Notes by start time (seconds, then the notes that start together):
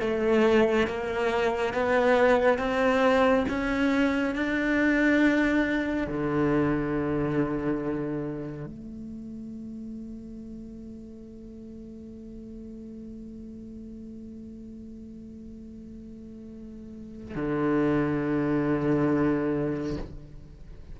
0.00 A3
0.87 A#3
1.73 B3
2.58 C4
3.48 C#4
4.35 D4
6.07 D3
8.66 A3
17.36 D3